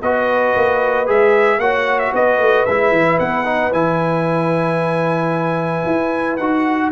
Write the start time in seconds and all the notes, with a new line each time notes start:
0.00 B3 F#4 B4 D#5
0.56 A#3
1.07 G#3 G#4 E5
1.59 A#3 F#4 C#5 F#5
2.00 E5
2.12 B3 B4 D#5
2.39 A3
2.66 G#3 E4 E5
2.92 E3
3.20 B3 F#5
3.45 D#4
3.73 E3 E4 G#5
5.86 E4
6.37 D#4 F#4 F#5